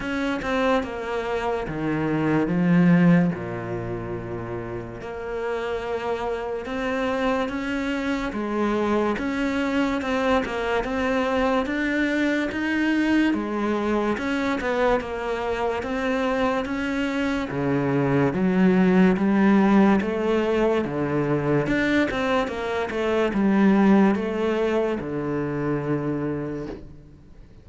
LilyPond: \new Staff \with { instrumentName = "cello" } { \time 4/4 \tempo 4 = 72 cis'8 c'8 ais4 dis4 f4 | ais,2 ais2 | c'4 cis'4 gis4 cis'4 | c'8 ais8 c'4 d'4 dis'4 |
gis4 cis'8 b8 ais4 c'4 | cis'4 cis4 fis4 g4 | a4 d4 d'8 c'8 ais8 a8 | g4 a4 d2 | }